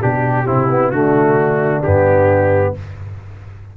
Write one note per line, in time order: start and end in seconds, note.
0.00 0.48 B2
0.00 0.45 D4
0.00 0.91 G4
0.00 0.46 G4
0.45 0.91 C3
0.45 0.67 C4
0.45 0.91 E4
0.70 0.92 B3
0.91 1.82 D3
0.91 1.83 A3
0.91 2.73 D4
0.91 1.81 F#4
1.83 2.77 G2
1.83 2.75 B3
1.83 2.73 G4